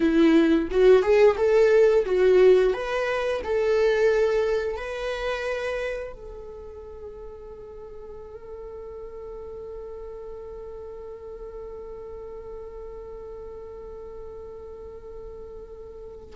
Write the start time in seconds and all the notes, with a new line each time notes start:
0.00 E4
0.70 F#4
1.02 G#4
1.37 A4
2.05 F#4
2.73 B4
3.44 A4
4.76 B4
6.13 A4